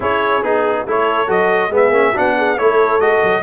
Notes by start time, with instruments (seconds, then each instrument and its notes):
0.00 tuba C#4, trombone E4, horn G#4, trumpet C#5
0.42 tuba B3, trombone D#4, trumpet G#4
0.86 tuba A3, trombone E4, horn A4, trumpet C#5
1.27 tuba F#3, trombone F#4, trumpet D#5
1.70 tuba G#3, trombone B3, horn G#4, trumpet E5
1.89 tuba A#3, trombone C#4
2.11 trombone D4, horn F#4
2.18 tuba B3, trumpet F#5
2.37 horn G#4
2.57 tuba A3, trombone E4, horn A4, trumpet C#5
2.99 tuba G#3, trombone F#4, trumpet D#5
3.23 tuba F#3